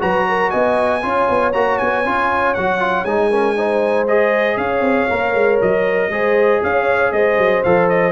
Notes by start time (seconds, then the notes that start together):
0.00 F#3 F#4 B4 A#5
0.28 A#4
0.51 B3 D#5 G#5
1.03 C#4 F4 C#5
1.30 B3
1.53 A#3 F#4 A#5
1.78 B3 G#5
2.06 C#4 F4
2.55 F#3 F#4 F#5
2.80 F4
3.05 G#3 D#4 G#5
3.30 C#4 A#4
3.57 D#4 C5
4.08 G#4 D#5
4.58 C#4 C#5 F5
4.81 C4
5.10 A#3 A#4
5.35 G#3
5.62 F#3 D#5
6.10 G#3 G#4 C5
6.63 C#4 C#5 F5
7.12 G#3 C5 D#5
7.38 F#3
7.64 F3 A4 F5
7.89 D#5